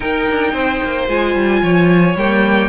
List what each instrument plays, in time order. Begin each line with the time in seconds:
0.00 viola D#4, cello D#4, violin A#4 G5
0.29 cello D4
0.53 cello C4, violin C5
0.84 cello A#3
1.08 cello G#3, viola F4, violin G#5
1.34 cello G3
1.62 cello F3, violin C#5
2.15 cello G3, viola A#3, violin G5